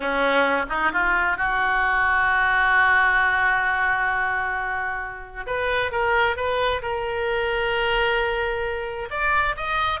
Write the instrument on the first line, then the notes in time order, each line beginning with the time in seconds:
oboe
0.00 C#4
0.69 D#4
0.92 F4
1.37 F#4
5.46 B4
5.91 A#4
6.36 B4
6.82 A#4
9.10 D5
9.56 D#5